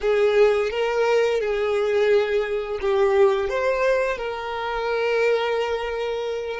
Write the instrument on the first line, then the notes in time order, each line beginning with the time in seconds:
violin
0.00 G#4
0.70 A#4
1.40 G#4
2.81 G4
3.49 C5
4.17 A#4